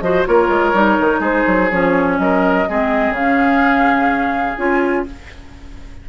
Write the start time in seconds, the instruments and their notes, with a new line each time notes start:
0.00 bassoon F3, clarinet F#4, oboe C5, flute D#5
0.26 bassoon A#3, clarinet F4, oboe A#4, flute C#5
0.48 bassoon G#3
0.73 bassoon G3, clarinet D#4
0.99 bassoon D#3
1.19 bassoon G#3, oboe G#4, flute C5
1.46 bassoon F#3
1.70 bassoon F3, clarinet C#4, flute C#5
2.18 bassoon F#3, oboe A#4, flute D#5
2.68 bassoon G#3, clarinet C4, oboe G#4
3.10 bassoon C#3, flute F5
3.19 clarinet C#4
4.57 bassoon C#4, clarinet F4, flute G#5